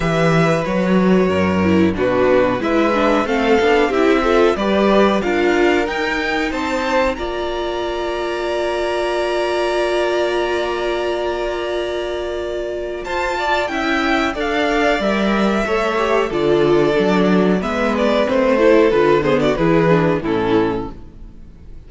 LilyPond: <<
  \new Staff \with { instrumentName = "violin" } { \time 4/4 \tempo 4 = 92 e''4 cis''2 b'4 | e''4 f''4 e''4 d''4 | f''4 g''4 a''4 ais''4~ | ais''1~ |
ais''1 | a''4 g''4 f''4 e''4~ | e''4 d''2 e''8 d''8 | c''4 b'8 c''16 d''16 b'4 a'4 | }
  \new Staff \with { instrumentName = "violin" } { \time 4/4 b'2 ais'4 fis'4 | b'4 a'4 g'8 a'8 b'4 | ais'2 c''4 d''4~ | d''1~ |
d''1 | c''8 d''8 e''4 d''2 | cis''4 a'2 b'4~ | b'8 a'4 gis'16 fis'16 gis'4 e'4 | }
  \new Staff \with { instrumentName = "viola" } { \time 4/4 g'4 fis'4. e'8 d'4 | e'8 d'8 c'8 d'8 e'8 f'8 g'4 | f'4 dis'2 f'4~ | f'1~ |
f'1~ | f'4 e'4 a'4 ais'4 | a'8 g'8 f'4 d'4 b4 | c'8 e'8 f'8 b8 e'8 d'8 cis'4 | }
  \new Staff \with { instrumentName = "cello" } { \time 4/4 e4 fis4 fis,4 b,4 | gis4 a8 b8 c'4 g4 | d'4 dis'4 c'4 ais4~ | ais1~ |
ais1 | f'4 cis'4 d'4 g4 | a4 d4 fis4 gis4 | a4 d4 e4 a,4 | }
>>